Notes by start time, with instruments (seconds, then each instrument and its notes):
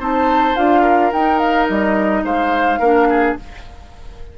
0.00 bassoon C4, clarinet D#4, oboe C5, flute A5
0.56 bassoon D4, clarinet F4, flute F5
0.82 oboe A#4
1.13 bassoon D#4, clarinet D#4, flute G5
1.39 flute F5
1.69 bassoon G3, flute D#5
2.24 bassoon G#3, oboe C5, flute F5
2.80 bassoon A#3, clarinet D4, oboe A#4
3.10 oboe G#4